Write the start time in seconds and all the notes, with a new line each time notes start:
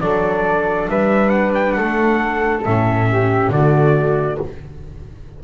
0.00 F#3 D4 A4 D5
0.89 G3 B4 E5
1.29 F#5
1.54 G5
1.72 A3 A4 F#5
2.64 A2 C#4 E5
3.10 G4
3.49 D3 A3 F#4 D5